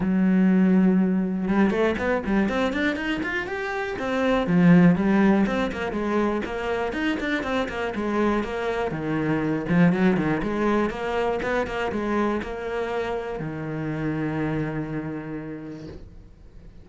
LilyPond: \new Staff \with { instrumentName = "cello" } { \time 4/4 \tempo 4 = 121 fis2. g8 a8 | b8 g8 c'8 d'8 dis'8 f'8 g'4 | c'4 f4 g4 c'8 ais8 | gis4 ais4 dis'8 d'8 c'8 ais8 |
gis4 ais4 dis4. f8 | fis8 dis8 gis4 ais4 b8 ais8 | gis4 ais2 dis4~ | dis1 | }